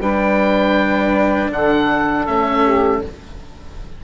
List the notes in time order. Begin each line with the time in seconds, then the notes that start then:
0.00 G3 D4 B4 G5
1.51 D3 A4 F#5
2.26 A3 C#4 E5
2.64 G4